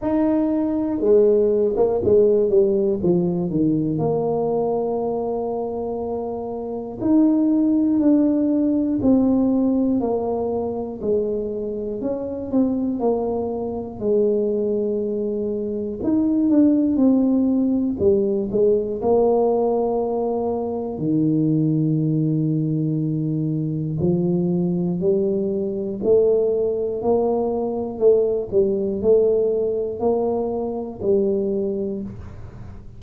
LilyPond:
\new Staff \with { instrumentName = "tuba" } { \time 4/4 \tempo 4 = 60 dis'4 gis8. ais16 gis8 g8 f8 dis8 | ais2. dis'4 | d'4 c'4 ais4 gis4 | cis'8 c'8 ais4 gis2 |
dis'8 d'8 c'4 g8 gis8 ais4~ | ais4 dis2. | f4 g4 a4 ais4 | a8 g8 a4 ais4 g4 | }